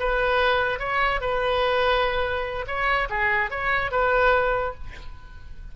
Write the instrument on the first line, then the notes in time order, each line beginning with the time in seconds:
oboe
0.00 B4
0.80 C#5
1.21 B4
2.67 C#5
3.10 G#4
3.51 C#5
3.91 B4